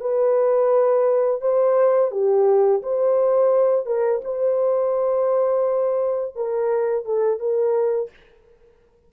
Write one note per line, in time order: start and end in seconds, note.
0.00 1.41 B4
1.41 2.11 C5
2.11 2.81 G4
2.82 3.85 C5
3.85 4.21 A#4
4.24 6.35 C5
6.35 7.05 A#4
7.05 7.39 A4
7.39 8.10 A#4